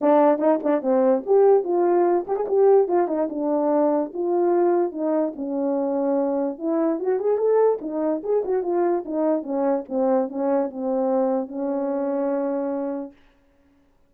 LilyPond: \new Staff \with { instrumentName = "horn" } { \time 4/4 \tempo 4 = 146 d'4 dis'8 d'8 c'4 g'4 | f'4. g'16 gis'16 g'4 f'8 dis'8 | d'2 f'2 | dis'4 cis'2. |
e'4 fis'8 gis'8 a'4 dis'4 | gis'8 fis'8 f'4 dis'4 cis'4 | c'4 cis'4 c'2 | cis'1 | }